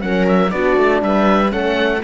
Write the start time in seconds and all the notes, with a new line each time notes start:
0.00 F#3 C#4 A#4 F#5
0.28 E5
0.51 B3 D4 F#4 D5
0.77 A3
1.02 G3 B4 E5
1.49 A3 C#4 A4 F#5